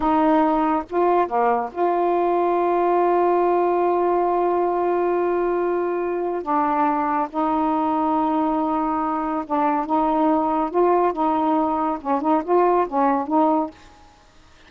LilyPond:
\new Staff \with { instrumentName = "saxophone" } { \time 4/4 \tempo 4 = 140 dis'2 f'4 ais4 | f'1~ | f'1~ | f'2. d'4~ |
d'4 dis'2.~ | dis'2 d'4 dis'4~ | dis'4 f'4 dis'2 | cis'8 dis'8 f'4 cis'4 dis'4 | }